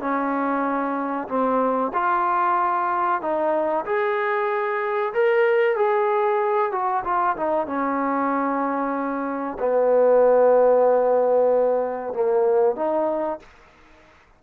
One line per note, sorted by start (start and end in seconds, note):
0.00 1.28 C#4
1.28 1.92 C4
1.94 3.21 F4
3.21 3.85 D#4
3.85 5.13 G#4
5.14 5.76 A#4
5.76 6.72 G#4
6.72 7.04 F#4
7.04 7.36 F4
7.37 7.66 D#4
7.66 9.58 C#4
9.59 12.13 B3
12.13 12.76 A#3
12.76 13.40 D#4